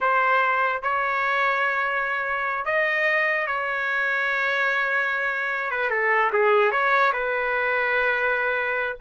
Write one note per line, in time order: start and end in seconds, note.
0.00 0.82 C5
0.82 2.65 C#5
2.65 3.46 D#5
3.46 5.70 C#5
5.70 5.89 B4
5.89 6.30 A4
6.32 6.71 G#4
6.71 7.12 C#5
7.12 8.96 B4